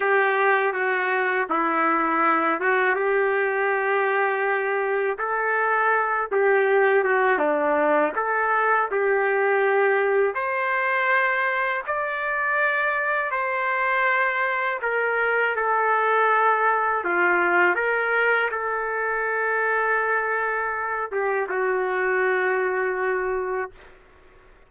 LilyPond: \new Staff \with { instrumentName = "trumpet" } { \time 4/4 \tempo 4 = 81 g'4 fis'4 e'4. fis'8 | g'2. a'4~ | a'8 g'4 fis'8 d'4 a'4 | g'2 c''2 |
d''2 c''2 | ais'4 a'2 f'4 | ais'4 a'2.~ | a'8 g'8 fis'2. | }